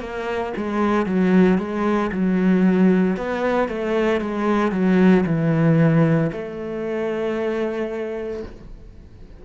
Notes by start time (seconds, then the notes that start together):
0.00 A#3
0.56 G#3
1.06 F#3
1.58 G#3
2.11 F#3
3.16 B3
3.68 A3
4.21 G#3
4.71 F#3
5.26 E3
6.32 A3